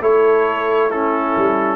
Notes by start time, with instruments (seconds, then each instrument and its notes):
0.00 tuba A3, trombone E4, horn A4, trumpet C#5
0.89 trombone C#4, horn E4, trumpet A4
1.37 tuba G3